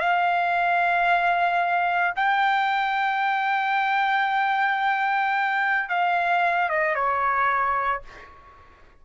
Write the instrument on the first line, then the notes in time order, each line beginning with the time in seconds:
trumpet
0.00 F5
2.16 G5
5.89 F5
6.69 D#5
6.95 C#5